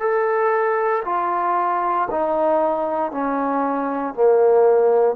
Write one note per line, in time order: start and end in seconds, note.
0.00 1.03 A4
1.05 2.08 F4
2.11 3.12 D#4
3.12 4.14 C#4
4.14 5.16 A#3